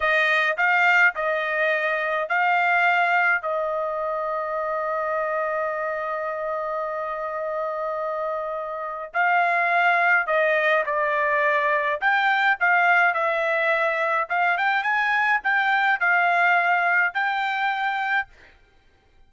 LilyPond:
\new Staff \with { instrumentName = "trumpet" } { \time 4/4 \tempo 4 = 105 dis''4 f''4 dis''2 | f''2 dis''2~ | dis''1~ | dis''1 |
f''2 dis''4 d''4~ | d''4 g''4 f''4 e''4~ | e''4 f''8 g''8 gis''4 g''4 | f''2 g''2 | }